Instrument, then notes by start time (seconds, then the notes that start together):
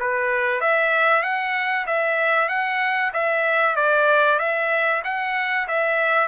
trumpet
0.00 B4
0.61 E5
1.23 F#5
1.87 E5
2.49 F#5
3.14 E5
3.76 D5
4.39 E5
5.05 F#5
5.68 E5